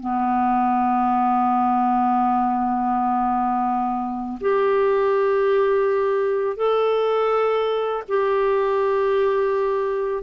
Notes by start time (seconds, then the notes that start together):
0.00 B3
4.41 G4
6.57 A4
8.09 G4